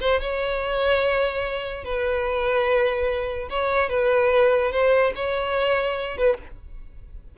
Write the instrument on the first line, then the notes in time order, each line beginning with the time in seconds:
violin
0.00 C5
0.21 C#5
1.84 B4
3.50 C#5
3.89 B4
4.72 C5
5.15 C#5
6.17 B4